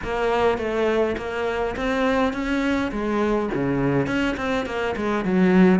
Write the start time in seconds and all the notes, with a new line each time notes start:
0.03 A#3
0.57 A3
1.17 A#3
1.76 C4
2.33 C#4
2.91 G#3
3.54 C#3
4.06 C#4
4.36 C4
4.65 A#3
4.96 G#3
5.25 F#3